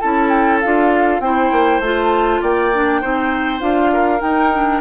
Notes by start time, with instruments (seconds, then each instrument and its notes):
0.00 bassoon C#4, clarinet E4, oboe A4, flute A5
0.29 flute G5
0.60 bassoon D4, clarinet F4, flute F5
1.19 bassoon C4, clarinet E4, oboe C5, flute G5
1.51 bassoon A#3
1.79 bassoon A3, clarinet F4, flute A5
2.41 bassoon A#3, oboe D5, flute G5
2.73 clarinet D4
3.01 bassoon C4, clarinet D#4, oboe C5
3.60 bassoon D4, clarinet F4, flute F5
3.93 oboe A#4
4.19 clarinet D#4, bassoon D#4, flute G5
4.53 clarinet D4